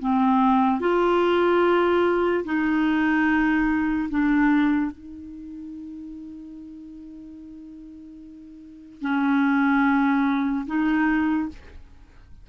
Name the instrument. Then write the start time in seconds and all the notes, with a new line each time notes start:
clarinet
0.00 C4
0.80 F4
2.44 D#4
4.09 D4
4.91 D#4
9.01 C#4
10.66 D#4